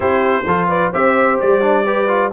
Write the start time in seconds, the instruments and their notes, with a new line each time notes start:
0.00 tuba C4, trombone E4, horn G4, trumpet C5
0.45 tuba F3, trombone F4, horn A4
0.68 horn B4, trumpet D5
0.91 tuba C4, trombone G4, horn C5, trumpet E5
1.40 tuba G3, trumpet D5
1.61 trombone D4
1.85 trombone G4, horn B4
2.08 trombone F4